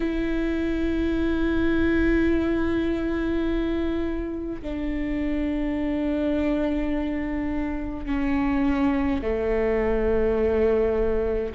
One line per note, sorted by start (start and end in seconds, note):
0.00 4.62 E4
4.62 8.06 D4
8.06 9.21 C#4
9.22 11.52 A3